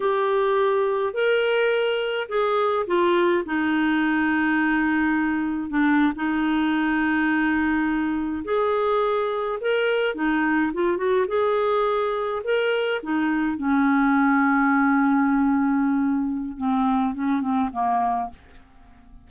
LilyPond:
\new Staff \with { instrumentName = "clarinet" } { \time 4/4 \tempo 4 = 105 g'2 ais'2 | gis'4 f'4 dis'2~ | dis'2 d'8. dis'4~ dis'16~ | dis'2~ dis'8. gis'4~ gis'16~ |
gis'8. ais'4 dis'4 f'8 fis'8 gis'16~ | gis'4.~ gis'16 ais'4 dis'4 cis'16~ | cis'1~ | cis'4 c'4 cis'8 c'8 ais4 | }